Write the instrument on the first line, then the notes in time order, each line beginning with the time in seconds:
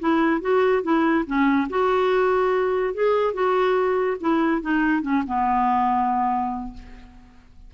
clarinet
0.00 E4
0.42 F#4
0.83 E4
1.27 C#4
1.70 F#4
2.94 G#4
3.34 F#4
4.21 E4
4.62 D#4
5.03 C#4
5.27 B3